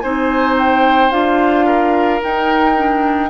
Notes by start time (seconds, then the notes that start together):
0.00 C4 D#4 C5 G#5
0.58 G5
1.11 D4 F4 F5
1.66 A#4
2.21 D#4 G5
2.76 D4